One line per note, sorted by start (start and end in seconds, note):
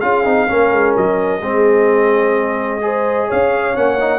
0.00 0.25 C#4
0.00 0.24 F4
0.00 0.47 G#4
0.00 0.94 F5
0.24 0.49 C4
0.24 0.48 D#4
0.47 0.72 A#3
0.47 1.41 C#4
0.47 1.41 A#4
0.72 0.96 G#3
0.97 1.40 F#3
0.97 3.31 D#5
1.40 3.28 G#3
1.40 2.81 C4
1.40 2.81 G#4
2.81 3.75 G#4
2.81 3.27 C5
3.27 3.77 C#4
3.27 4.19 C#5
3.27 3.76 F5
3.75 4.19 A#3
3.75 3.98 C#4
3.75 4.19 F#5
4.00 4.19 D#4